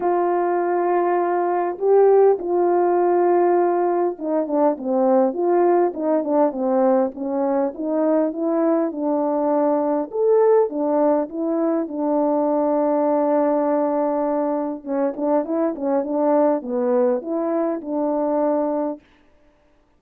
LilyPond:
\new Staff \with { instrumentName = "horn" } { \time 4/4 \tempo 4 = 101 f'2. g'4 | f'2. dis'8 d'8 | c'4 f'4 dis'8 d'8 c'4 | cis'4 dis'4 e'4 d'4~ |
d'4 a'4 d'4 e'4 | d'1~ | d'4 cis'8 d'8 e'8 cis'8 d'4 | b4 e'4 d'2 | }